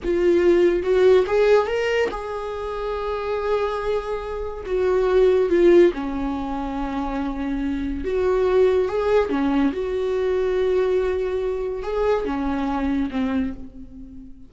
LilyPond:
\new Staff \with { instrumentName = "viola" } { \time 4/4 \tempo 4 = 142 f'2 fis'4 gis'4 | ais'4 gis'2.~ | gis'2. fis'4~ | fis'4 f'4 cis'2~ |
cis'2. fis'4~ | fis'4 gis'4 cis'4 fis'4~ | fis'1 | gis'4 cis'2 c'4 | }